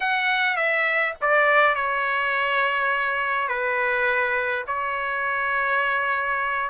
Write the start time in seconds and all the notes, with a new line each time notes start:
0.00 F#5
0.56 E5
1.21 D5
1.75 C#5
3.48 B4
4.67 C#5